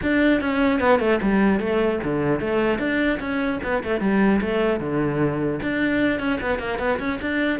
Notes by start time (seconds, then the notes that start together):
0.02 D4
0.40 C#4
0.80 B3
0.99 A3
1.21 G3
1.59 A3
2.03 D3
2.40 A3
2.79 D4
3.19 C#4
3.63 B3
3.83 A3
4.00 G3
4.41 A3
4.80 D3
5.62 D4
6.19 C#4
6.41 B3
6.58 A#3
6.79 B3
6.99 C#4
7.21 D4